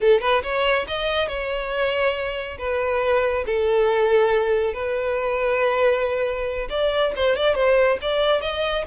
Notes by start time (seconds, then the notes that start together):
0.00 A4
0.20 B4
0.42 C#5
0.87 D#5
1.28 C#5
2.58 B4
3.45 A4
4.73 B4
6.69 D5
7.16 C5
7.36 D5
7.54 C5
8.01 D5
8.41 D#5